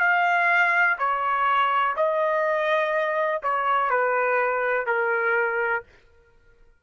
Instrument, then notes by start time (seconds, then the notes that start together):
trumpet
0.00 F5
0.99 C#5
1.97 D#5
3.43 C#5
3.90 B4
4.87 A#4